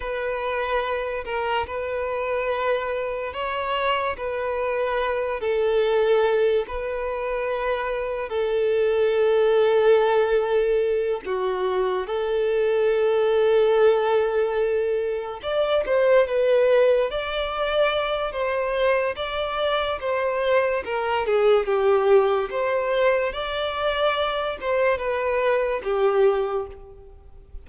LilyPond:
\new Staff \with { instrumentName = "violin" } { \time 4/4 \tempo 4 = 72 b'4. ais'8 b'2 | cis''4 b'4. a'4. | b'2 a'2~ | a'4. fis'4 a'4.~ |
a'2~ a'8 d''8 c''8 b'8~ | b'8 d''4. c''4 d''4 | c''4 ais'8 gis'8 g'4 c''4 | d''4. c''8 b'4 g'4 | }